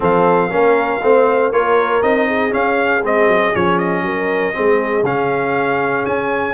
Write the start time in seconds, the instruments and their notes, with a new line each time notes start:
0.00 tuba F3, trombone C4, horn A4, trumpet F5
0.50 tuba A#3, trombone C#4, horn A#4
1.02 tuba A3, trombone C4, horn C5
1.51 tuba A#3, trombone F4, horn A#4, trumpet C#5
2.02 tuba C4, trombone D#4, trumpet D#5
2.27 horn G#4
2.50 trombone C#4, tuba C#4, trumpet F5
3.02 tuba G#3, trombone C4, trumpet D#5
3.27 tuba F#3
3.53 tuba F3, trombone C#4, trumpet C#5
3.78 trumpet D#5
4.02 tuba F#3, horn A#4
4.53 tuba G#3, trombone C4, horn G#4
5.02 tuba C#3, trombone C#4, trumpet F5
6.05 tuba C#4, trumpet G#5